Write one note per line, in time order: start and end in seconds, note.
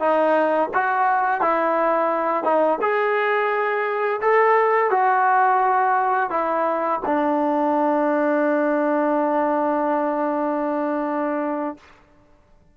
0.00 0.70 D#4
0.74 1.41 F#4
1.41 2.44 E4
2.44 2.79 D#4
2.81 4.21 G#4
4.21 4.91 A4
4.91 6.30 F#4
6.30 7.00 E4
7.06 11.77 D4